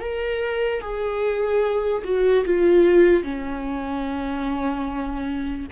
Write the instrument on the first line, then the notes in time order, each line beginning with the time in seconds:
viola
0.00 A#4
0.81 G#4
2.05 F#4
2.45 F4
3.24 C#4